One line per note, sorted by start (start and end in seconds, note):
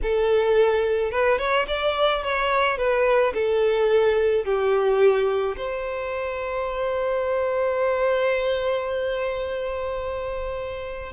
0.02 1.11 A4
1.11 1.38 B4
1.38 1.66 C#5
1.67 2.23 D5
2.23 2.77 C#5
2.77 3.33 B4
3.33 4.44 A4
4.44 5.56 G4
5.57 11.12 C5